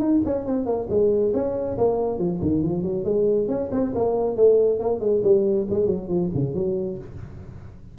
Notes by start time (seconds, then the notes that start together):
0.00 D#4
0.26 C#4
0.46 C4
0.66 A#3
0.90 G#3
1.34 C#4
1.78 A#3
2.19 F3
2.42 D#3
2.63 F3
2.83 F#3
3.05 G#3
3.49 C#4
3.72 C4
3.95 A#3
4.37 A3
4.80 A#3
5.00 G#3
5.24 G3
5.71 G#3
5.87 F#3
6.09 F3
6.35 C#3
6.55 F#3